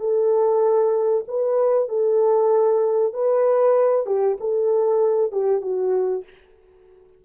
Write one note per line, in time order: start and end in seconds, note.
0.00 1.25 A4
1.28 1.89 B4
1.89 3.13 A4
3.13 4.07 B4
4.07 4.38 G4
4.40 5.32 A4
5.32 5.62 G4
5.62 6.24 F#4